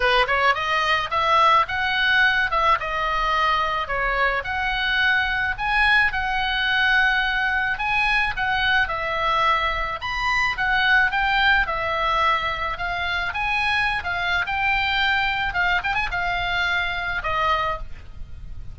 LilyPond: \new Staff \with { instrumentName = "oboe" } { \time 4/4 \tempo 4 = 108 b'8 cis''8 dis''4 e''4 fis''4~ | fis''8 e''8 dis''2 cis''4 | fis''2 gis''4 fis''4~ | fis''2 gis''4 fis''4 |
e''2 b''4 fis''4 | g''4 e''2 f''4 | gis''4~ gis''16 f''8. g''2 | f''8 g''16 gis''16 f''2 dis''4 | }